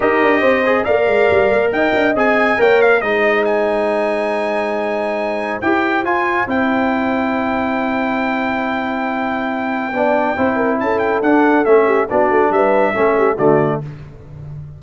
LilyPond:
<<
  \new Staff \with { instrumentName = "trumpet" } { \time 4/4 \tempo 4 = 139 dis''2 f''2 | g''4 gis''4 g''8 f''8 dis''4 | gis''1~ | gis''4 g''4 gis''4 g''4~ |
g''1~ | g''1~ | g''4 a''8 g''8 fis''4 e''4 | d''4 e''2 d''4 | }
  \new Staff \with { instrumentName = "horn" } { \time 4/4 ais'4 c''4 d''2 | dis''2 cis''4 c''4~ | c''1~ | c''1~ |
c''1~ | c''2. d''4 | c''8 ais'8 a'2~ a'8 g'8 | fis'4 b'4 a'8 g'8 fis'4 | }
  \new Staff \with { instrumentName = "trombone" } { \time 4/4 g'4. gis'8 ais'2~ | ais'4 gis'4 ais'4 dis'4~ | dis'1~ | dis'4 g'4 f'4 e'4~ |
e'1~ | e'2. d'4 | e'2 d'4 cis'4 | d'2 cis'4 a4 | }
  \new Staff \with { instrumentName = "tuba" } { \time 4/4 dis'8 d'8 c'4 ais8 gis8 g8 ais8 | dis'8 d'8 c'4 ais4 gis4~ | gis1~ | gis4 e'4 f'4 c'4~ |
c'1~ | c'2. b4 | c'4 cis'4 d'4 a4 | b8 a8 g4 a4 d4 | }
>>